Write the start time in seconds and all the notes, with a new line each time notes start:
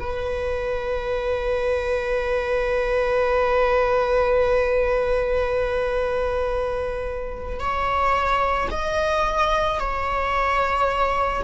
0.00 B4
7.60 C#5
8.71 D#5
9.80 C#5